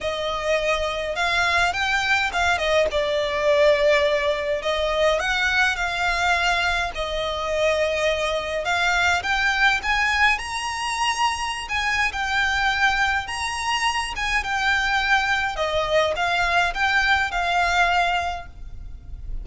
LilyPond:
\new Staff \with { instrumentName = "violin" } { \time 4/4 \tempo 4 = 104 dis''2 f''4 g''4 | f''8 dis''8 d''2. | dis''4 fis''4 f''2 | dis''2. f''4 |
g''4 gis''4 ais''2~ | ais''16 gis''8. g''2 ais''4~ | ais''8 gis''8 g''2 dis''4 | f''4 g''4 f''2 | }